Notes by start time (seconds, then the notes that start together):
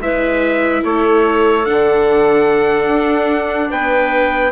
0.00 G#3 E4 B4 E5
0.83 A3 A4 C#5
1.65 D3 D4 F#5
2.87 D4
3.69 B3 B4 G5